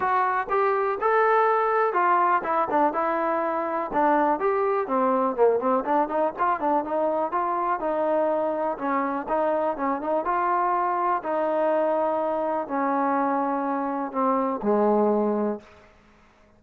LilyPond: \new Staff \with { instrumentName = "trombone" } { \time 4/4 \tempo 4 = 123 fis'4 g'4 a'2 | f'4 e'8 d'8 e'2 | d'4 g'4 c'4 ais8 c'8 | d'8 dis'8 f'8 d'8 dis'4 f'4 |
dis'2 cis'4 dis'4 | cis'8 dis'8 f'2 dis'4~ | dis'2 cis'2~ | cis'4 c'4 gis2 | }